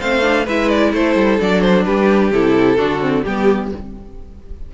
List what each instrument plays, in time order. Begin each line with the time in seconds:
0.00 cello A3, viola C4, violin C5 F5
0.22 viola D4
0.45 cello G#3, viola E4, violin B4 E5
0.69 violin D5
0.93 cello A3, violin A4 C5
1.15 cello G3
1.40 cello F#3, viola D4, violin D5
1.61 violin C5
1.84 cello G3, violin G4 B4
2.32 cello C3, viola E4, violin A4
2.77 cello D3, viola D4, violin F#4
3.00 viola C4
3.23 cello G3, viola B3, violin G4